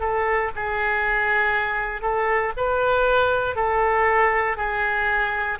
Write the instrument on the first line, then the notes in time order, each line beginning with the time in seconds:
oboe
0.00 A4
0.55 G#4
2.02 A4
2.57 B4
3.56 A4
4.57 G#4